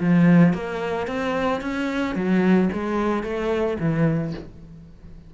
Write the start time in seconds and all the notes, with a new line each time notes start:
0.00 F3
0.54 A#3
1.07 C4
1.61 C#4
2.15 F#3
2.73 G#3
3.23 A3
3.80 E3